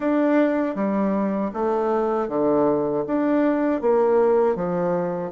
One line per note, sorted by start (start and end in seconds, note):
0.00 0.75 D4
0.75 1.51 G3
1.53 2.28 A3
2.28 3.04 D3
3.07 3.81 D4
3.81 4.55 A#3
4.55 5.31 F3